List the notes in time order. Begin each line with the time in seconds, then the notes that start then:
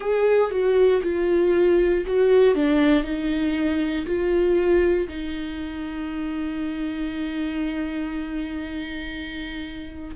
0.00 G#4
0.50 F#4
1.02 F4
2.06 F#4
2.54 D4
3.03 D#4
4.05 F4
5.08 D#4